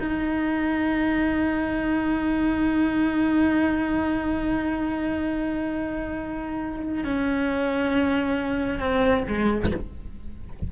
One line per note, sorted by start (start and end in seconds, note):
0.00 7.04 D#4
7.04 8.80 C#4
8.80 9.24 C4
9.28 9.72 G#3